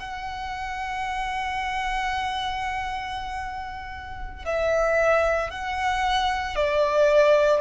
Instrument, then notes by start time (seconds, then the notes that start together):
violin
0.00 F#5
4.45 E5
5.51 F#5
6.56 D5